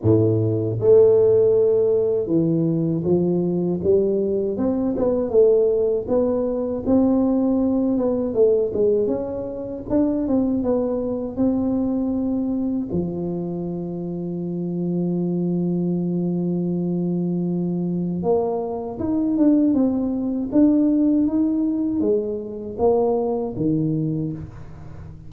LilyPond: \new Staff \with { instrumentName = "tuba" } { \time 4/4 \tempo 4 = 79 a,4 a2 e4 | f4 g4 c'8 b8 a4 | b4 c'4. b8 a8 gis8 | cis'4 d'8 c'8 b4 c'4~ |
c'4 f2.~ | f1 | ais4 dis'8 d'8 c'4 d'4 | dis'4 gis4 ais4 dis4 | }